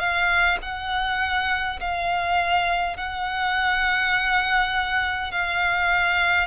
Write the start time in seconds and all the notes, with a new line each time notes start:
0.00 F5
0.63 F#5
1.81 F5
2.97 F#5
5.32 F5